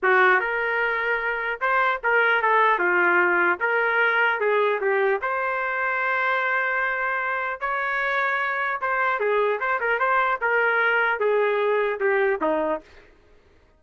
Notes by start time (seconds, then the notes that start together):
0.02 F#4
0.40 A#4
1.61 C5
2.03 A#4
2.42 A4
2.78 F4
3.59 A#4
4.40 G#4
4.80 G4
5.21 C5
7.60 C#5
8.81 C5
9.19 G#4
9.60 C5
9.80 A#4
9.99 C5
10.41 A#4
11.19 G#4
12.00 G4
12.41 D#4